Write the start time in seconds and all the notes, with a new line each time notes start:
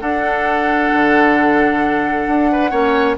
0.00 D4 A4 F#5
0.93 D3
2.27 D4
2.52 B4
2.70 A#3 C#4 C#5